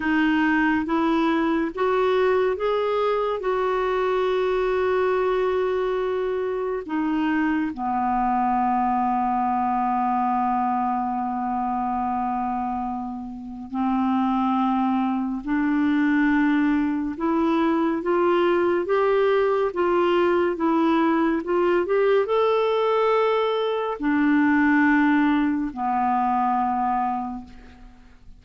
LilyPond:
\new Staff \with { instrumentName = "clarinet" } { \time 4/4 \tempo 4 = 70 dis'4 e'4 fis'4 gis'4 | fis'1 | dis'4 b2.~ | b1 |
c'2 d'2 | e'4 f'4 g'4 f'4 | e'4 f'8 g'8 a'2 | d'2 b2 | }